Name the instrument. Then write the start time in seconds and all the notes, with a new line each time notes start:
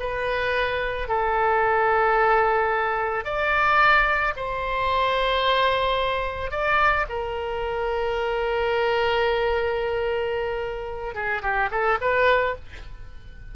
oboe
0.00 B4
1.09 A4
3.25 D5
4.37 C5
6.51 D5
7.09 A#4
11.15 G#4
11.42 G4
11.71 A4
12.01 B4